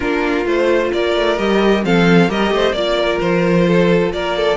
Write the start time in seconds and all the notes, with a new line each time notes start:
0.00 A#3 D4 F4 A#4
0.45 A3 F4 C5
0.92 A#3 A#4 D5
1.15 A3
1.37 G3 G4 D#5
1.83 F3 C4 A4 F5
2.28 G3 G4 A#4 D#5
2.51 A3 C5
2.72 A#3 F4 D5
2.98 A#4
3.20 F3 C5
3.67 A4
4.12 A#3 A#4 D5
4.36 A4